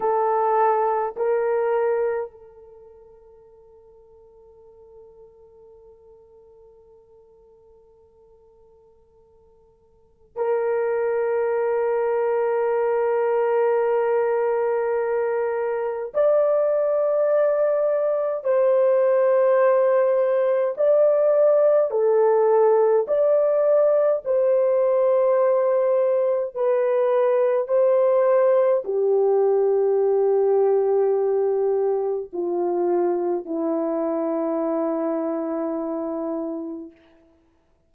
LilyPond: \new Staff \with { instrumentName = "horn" } { \time 4/4 \tempo 4 = 52 a'4 ais'4 a'2~ | a'1~ | a'4 ais'2.~ | ais'2 d''2 |
c''2 d''4 a'4 | d''4 c''2 b'4 | c''4 g'2. | f'4 e'2. | }